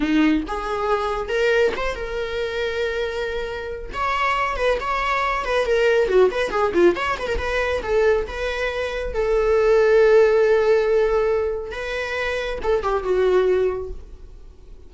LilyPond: \new Staff \with { instrumentName = "viola" } { \time 4/4 \tempo 4 = 138 dis'4 gis'2 ais'4 | c''8 ais'2.~ ais'8~ | ais'4 cis''4. b'8 cis''4~ | cis''8 b'8 ais'4 fis'8 b'8 gis'8 f'8 |
cis''8 b'16 ais'16 b'4 a'4 b'4~ | b'4 a'2.~ | a'2. b'4~ | b'4 a'8 g'8 fis'2 | }